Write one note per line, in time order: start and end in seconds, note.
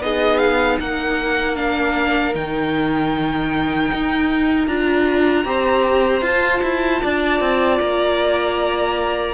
0.00 0.78 B3
0.00 1.56 D#4
0.00 0.80 G#4
0.00 0.38 D#5
0.38 0.77 F5
0.80 2.35 A#3
0.80 5.47 A#4
0.80 1.56 F#5
1.56 2.33 D4
1.56 2.34 F5
2.34 3.91 D#3
2.34 4.68 D#4
2.34 4.67 G5
3.92 4.67 D#4
4.67 5.45 D4
4.67 5.44 F4
4.67 6.23 A#5
5.44 6.22 C4
5.44 6.22 G4
5.44 7.02 C5
6.22 6.61 F4
6.22 9.34 F4
6.22 7.80 A5
6.62 7.01 E4
7.02 7.40 D4
7.02 9.34 D5
7.40 7.79 C4
7.80 9.34 A#3
7.80 9.34 A#5